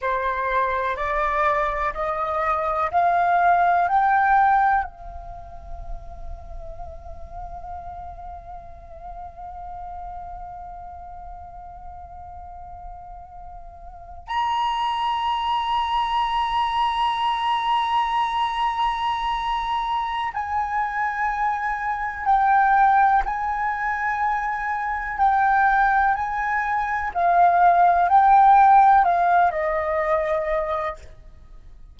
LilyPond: \new Staff \with { instrumentName = "flute" } { \time 4/4 \tempo 4 = 62 c''4 d''4 dis''4 f''4 | g''4 f''2.~ | f''1~ | f''2~ f''8. ais''4~ ais''16~ |
ais''1~ | ais''4 gis''2 g''4 | gis''2 g''4 gis''4 | f''4 g''4 f''8 dis''4. | }